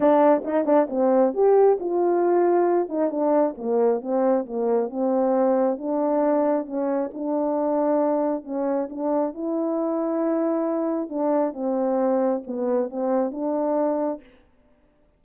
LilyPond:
\new Staff \with { instrumentName = "horn" } { \time 4/4 \tempo 4 = 135 d'4 dis'8 d'8 c'4 g'4 | f'2~ f'8 dis'8 d'4 | ais4 c'4 ais4 c'4~ | c'4 d'2 cis'4 |
d'2. cis'4 | d'4 e'2.~ | e'4 d'4 c'2 | b4 c'4 d'2 | }